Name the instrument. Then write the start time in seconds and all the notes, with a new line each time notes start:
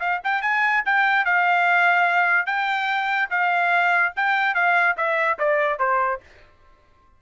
trumpet
0.00 F5
0.24 G5
0.42 G#5
0.86 G5
1.25 F5
2.46 G5
3.30 F5
4.16 G5
4.55 F5
4.97 E5
5.39 D5
5.79 C5